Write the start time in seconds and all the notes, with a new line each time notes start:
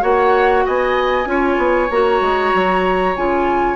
0.00 A#3 F#4 C#5 F#5
0.65 B3 D#5 G#5
1.25 C#4 F4 C#5
1.57 B3
1.90 A#3 F#4 A#5
2.21 G#3
2.53 F#3
3.15 C#3 F4 G#5